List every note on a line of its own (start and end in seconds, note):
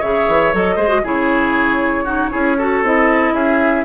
0.00 0.29 C#3
0.00 0.53 G#4
0.00 0.76 C#5
0.00 0.54 E5
0.29 0.54 E3
0.53 0.77 F#3
0.53 0.79 A4
0.53 1.06 D#5
0.76 1.03 G#3
0.76 0.89 G#4
0.76 1.02 C5
0.89 1.02 F#4
1.04 2.33 C#3
1.04 2.06 E4
1.04 2.05 G#4
1.04 2.85 C#5
2.05 2.31 D#4
2.05 2.30 F#4
2.31 2.83 C#4
2.31 2.57 E4
2.31 2.58 G#4
2.58 2.85 F#4
2.58 3.35 A4
2.83 3.33 C4
2.83 3.85 E4
2.83 3.34 D#5
3.33 3.85 C#4
3.33 3.85 G#4
3.33 3.85 E5